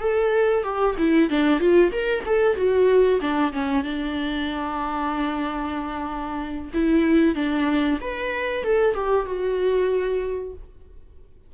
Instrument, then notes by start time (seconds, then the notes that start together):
viola
0.00 A4
0.64 G4
0.98 E4
1.30 D4
1.60 F4
1.92 A#4
2.26 A4
2.56 F#4
3.21 D4
3.53 C#4
3.84 D4
6.74 E4
7.35 D4
8.01 B4
8.64 A4
8.95 G4
9.26 F#4